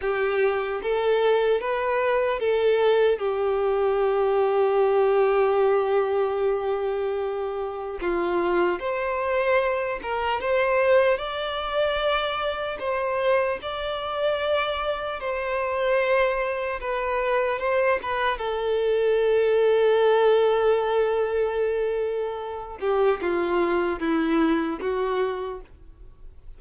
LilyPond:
\new Staff \with { instrumentName = "violin" } { \time 4/4 \tempo 4 = 75 g'4 a'4 b'4 a'4 | g'1~ | g'2 f'4 c''4~ | c''8 ais'8 c''4 d''2 |
c''4 d''2 c''4~ | c''4 b'4 c''8 b'8 a'4~ | a'1~ | a'8 g'8 f'4 e'4 fis'4 | }